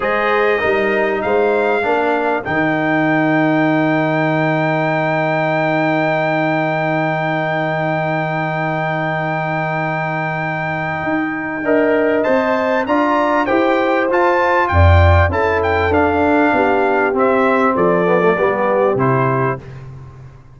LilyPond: <<
  \new Staff \with { instrumentName = "trumpet" } { \time 4/4 \tempo 4 = 98 dis''2 f''2 | g''1~ | g''1~ | g''1~ |
g''1 | a''4 ais''4 g''4 a''4 | g''4 a''8 g''8 f''2 | e''4 d''2 c''4 | }
  \new Staff \with { instrumentName = "horn" } { \time 4/4 c''4 ais'4 c''4 ais'4~ | ais'1~ | ais'1~ | ais'1~ |
ais'2. dis''4~ | dis''4 d''4 c''2 | d''4 a'2 g'4~ | g'4 a'4 g'2 | }
  \new Staff \with { instrumentName = "trombone" } { \time 4/4 gis'4 dis'2 d'4 | dis'1~ | dis'1~ | dis'1~ |
dis'2. ais'4 | c''4 f'4 g'4 f'4~ | f'4 e'4 d'2 | c'4. b16 a16 b4 e'4 | }
  \new Staff \with { instrumentName = "tuba" } { \time 4/4 gis4 g4 gis4 ais4 | dis1~ | dis1~ | dis1~ |
dis2 dis'4 d'4 | c'4 d'4 e'4 f'4 | f,4 cis'4 d'4 b4 | c'4 f4 g4 c4 | }
>>